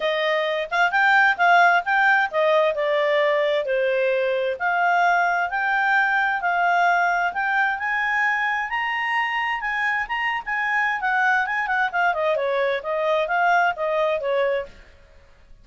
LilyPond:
\new Staff \with { instrumentName = "clarinet" } { \time 4/4 \tempo 4 = 131 dis''4. f''8 g''4 f''4 | g''4 dis''4 d''2 | c''2 f''2 | g''2 f''2 |
g''4 gis''2 ais''4~ | ais''4 gis''4 ais''8. gis''4~ gis''16 | fis''4 gis''8 fis''8 f''8 dis''8 cis''4 | dis''4 f''4 dis''4 cis''4 | }